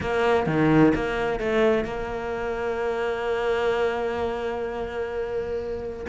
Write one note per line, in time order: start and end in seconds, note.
0.01 0.46 A#3
0.46 0.93 D#3
0.94 1.39 A#3
1.39 1.84 A3
1.84 6.06 A#3